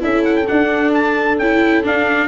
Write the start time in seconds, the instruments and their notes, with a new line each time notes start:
0.00 tuba C#4, viola E4, horn A4, trumpet E5
0.24 trumpet F#5
0.36 trumpet G5
0.48 viola D4, tuba D4, trumpet F#5
0.94 trumpet A5
1.39 tuba C#4, viola E4, trumpet G5
1.83 viola D4, tuba D4, trumpet F5